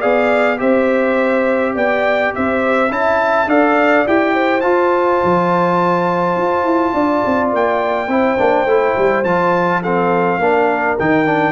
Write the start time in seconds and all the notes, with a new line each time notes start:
0.00 B3 G#4 D5 F5
0.58 C4 G4 C5 E5
1.75 B3 D5 G5
2.35 C4 C5 E5
2.91 C#4 E4 E5 A5
3.47 D4 A4 D5 F5
4.06 E4 G4 G5
4.34 C5
4.61 F4 A5
5.24 F3
6.37 F4
6.64 E4
6.94 D4 D5
7.26 C4
7.53 A#3 G5
8.08 C4 E4 C5
8.38 A#3 D4
8.66 A3 E4
8.98 G3
9.24 F3 F4 A5
9.82 C4 A4 F5
10.39 A#3 D4 A#4
10.99 D#3 D#4 G5
11.26 D4